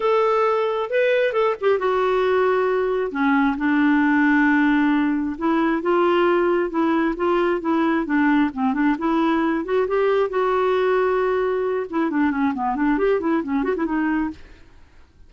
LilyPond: \new Staff \with { instrumentName = "clarinet" } { \time 4/4 \tempo 4 = 134 a'2 b'4 a'8 g'8 | fis'2. cis'4 | d'1 | e'4 f'2 e'4 |
f'4 e'4 d'4 c'8 d'8 | e'4. fis'8 g'4 fis'4~ | fis'2~ fis'8 e'8 d'8 cis'8 | b8 d'8 g'8 e'8 cis'8 fis'16 e'16 dis'4 | }